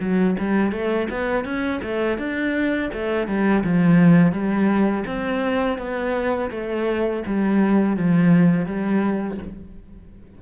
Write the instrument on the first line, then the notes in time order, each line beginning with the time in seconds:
cello
0.00 F#3
0.39 G3
0.72 A3
1.10 B3
1.44 C#4
1.83 A3
2.18 D4
2.93 A3
3.27 G3
3.64 F3
4.32 G3
5.07 C4
5.78 B3
6.50 A3
7.26 G3
7.96 F3
8.65 G3